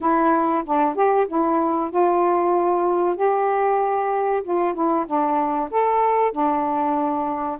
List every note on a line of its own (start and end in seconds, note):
0.00 0.63 E4
0.65 0.95 D4
0.95 1.26 G4
1.27 1.90 E4
1.90 3.16 F4
3.16 4.42 G4
4.43 4.74 F4
4.74 5.05 E4
5.06 5.69 D4
5.70 6.32 A4
6.32 7.58 D4